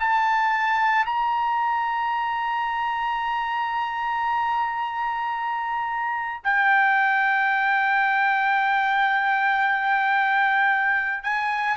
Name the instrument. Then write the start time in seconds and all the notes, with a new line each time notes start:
trumpet
0.00 A5
1.06 A#5
6.44 G5
11.24 G#5